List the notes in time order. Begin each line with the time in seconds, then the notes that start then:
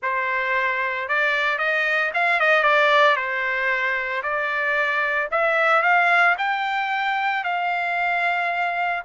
0.02 C5
1.08 D5
1.58 D#5
2.14 F5
2.40 D#5
2.63 D5
3.16 C5
4.22 D5
5.31 E5
5.82 F5
6.38 G5
7.44 F5